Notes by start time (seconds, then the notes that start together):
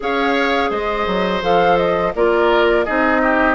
0.00 C#4 G#4 C#5 F5
0.70 G#3 C5 D#5
1.06 F#3
1.42 F3 A4 F5
1.77 D#5
2.15 A#3 F4 A#4 D5
2.84 C4 D#4 G#4 D#5
3.22 G4